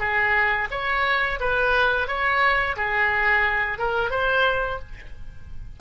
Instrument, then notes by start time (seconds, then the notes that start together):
oboe
0.00 G#4
0.72 C#5
1.40 B4
2.08 C#5
2.77 G#4
3.79 A#4
4.11 C5